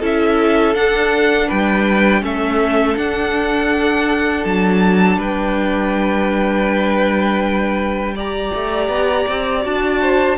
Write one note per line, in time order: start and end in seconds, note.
0.00 0.75 C#4
0.00 0.74 E4
0.00 1.48 A4
0.06 0.76 E5
0.74 2.22 D4
0.74 1.50 D4
0.74 1.50 F#5
1.48 2.22 G3
1.48 2.22 B4
1.48 2.24 G5
2.22 2.96 A3
2.22 2.96 C#4
2.22 5.18 A4
2.22 2.97 E5
2.96 8.15 D4
2.96 4.46 D4
2.96 4.45 F#5
4.45 5.18 F#3
4.45 5.19 A5
5.18 8.51 G3
5.18 8.15 B4
5.18 8.18 G5
8.15 9.63 G4
8.15 10.01 D5
8.15 9.66 A#5
8.55 8.89 A3
8.89 9.26 B3
9.29 9.66 C4
9.63 10.39 D4
9.63 10.37 F#4
9.63 10.39 A5
10.01 10.38 C5